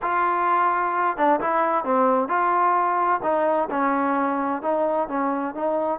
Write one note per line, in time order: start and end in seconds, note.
0.01 1.17 F4
1.17 1.40 D4
1.40 1.84 E4
1.84 2.28 C4
2.28 3.20 F4
3.22 3.69 D#4
3.70 4.62 C#4
4.62 5.08 D#4
5.08 5.54 C#4
5.54 5.99 D#4